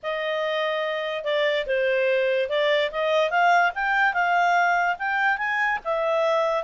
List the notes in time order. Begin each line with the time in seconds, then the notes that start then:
0.02 D#5
1.24 D5
1.66 C5
2.49 D5
2.91 D#5
3.30 F5
3.74 G5
4.13 F5
4.98 G5
5.37 G#5
5.84 E5